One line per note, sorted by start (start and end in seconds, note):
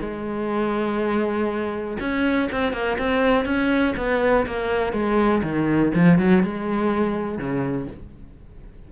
0.00 1.97 G#3
2.00 2.49 C#4
2.51 2.72 C4
2.72 2.97 A#3
2.98 3.45 C4
3.45 3.94 C#4
3.96 4.46 B3
4.46 4.92 A#3
4.92 5.42 G#3
5.42 5.92 D#3
5.94 6.18 F3
6.18 6.43 F#3
6.43 7.38 G#3
7.38 7.87 C#3